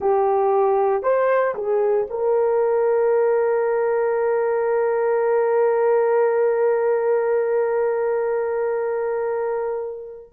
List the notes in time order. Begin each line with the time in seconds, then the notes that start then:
0.00 G4
1.03 C5
1.55 G#4
2.10 A#4